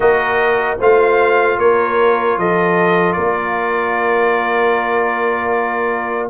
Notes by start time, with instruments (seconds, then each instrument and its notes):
0.00 tuba A#3, trombone F#4, horn A#4, trumpet D#5
0.78 tuba A3, trombone F4, horn C5, trumpet F5
1.58 tuba A#3, horn A#4, trumpet C#5
2.37 tuba F3, horn A4, trumpet D#5
3.12 tuba A#3, horn A#4, trumpet D5